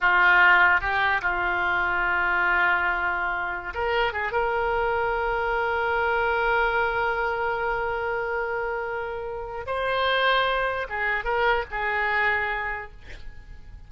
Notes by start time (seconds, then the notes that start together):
0.00 F4
0.80 G4
1.21 F4
3.74 A#4
4.13 G#4
4.32 A#4
9.66 C5
10.89 G#4
11.24 A#4
11.70 G#4